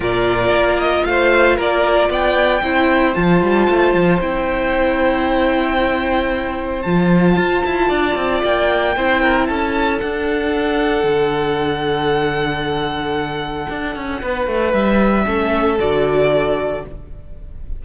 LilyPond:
<<
  \new Staff \with { instrumentName = "violin" } { \time 4/4 \tempo 4 = 114 d''4. dis''8 f''4 d''4 | g''2 a''2 | g''1~ | g''4 a''2. |
g''2 a''4 fis''4~ | fis''1~ | fis''1 | e''2 d''2 | }
  \new Staff \with { instrumentName = "violin" } { \time 4/4 ais'2 c''4 ais'4 | d''4 c''2.~ | c''1~ | c''2. d''4~ |
d''4 c''8 ais'8 a'2~ | a'1~ | a'2. b'4~ | b'4 a'2. | }
  \new Staff \with { instrumentName = "viola" } { \time 4/4 f'1~ | f'4 e'4 f'2 | e'1~ | e'4 f'2.~ |
f'4 e'2 d'4~ | d'1~ | d'1~ | d'4 cis'4 fis'2 | }
  \new Staff \with { instrumentName = "cello" } { \time 4/4 ais,4 ais4 a4 ais4 | b4 c'4 f8 g8 a8 f8 | c'1~ | c'4 f4 f'8 e'8 d'8 c'8 |
ais4 c'4 cis'4 d'4~ | d'4 d2.~ | d2 d'8 cis'8 b8 a8 | g4 a4 d2 | }
>>